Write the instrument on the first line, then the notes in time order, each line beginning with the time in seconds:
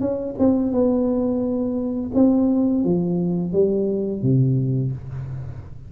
tuba
0.00 C#4
0.38 C4
0.72 B3
2.14 C4
2.84 F3
3.52 G3
4.22 C3